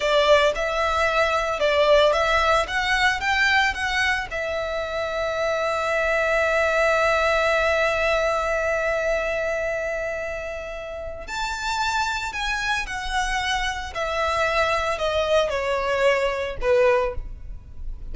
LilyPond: \new Staff \with { instrumentName = "violin" } { \time 4/4 \tempo 4 = 112 d''4 e''2 d''4 | e''4 fis''4 g''4 fis''4 | e''1~ | e''1~ |
e''1~ | e''4 a''2 gis''4 | fis''2 e''2 | dis''4 cis''2 b'4 | }